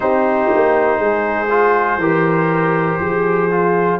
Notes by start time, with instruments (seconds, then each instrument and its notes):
0.00 tuba C4, trombone D#4, horn G4, trumpet C5
0.54 tuba A#3
0.99 tuba G#3, horn G#4
1.49 trombone F4
1.97 tuba E3, trombone G4, horn A#4
2.99 tuba F3, horn G#4
3.50 trombone F4